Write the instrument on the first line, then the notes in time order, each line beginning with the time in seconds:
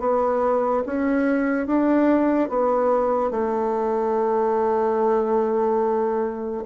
bassoon
0.00 B3
0.86 C#4
1.67 D4
2.50 B3
3.31 A3